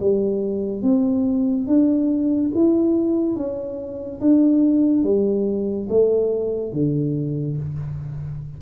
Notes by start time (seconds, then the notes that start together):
0.00 G3
0.82 C4
1.67 D4
2.55 E4
3.36 C#4
4.20 D4
5.03 G3
5.89 A3
6.73 D3